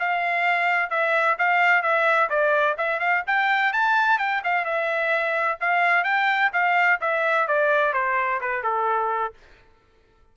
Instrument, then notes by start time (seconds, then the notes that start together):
trumpet
0.00 F5
0.91 E5
1.39 F5
1.83 E5
2.30 D5
2.78 E5
3.00 F5
3.27 G5
3.74 A5
4.19 G5
4.45 F5
4.65 E5
5.61 F5
6.05 G5
6.53 F5
7.01 E5
7.48 D5
7.94 C5
8.41 B4
8.64 A4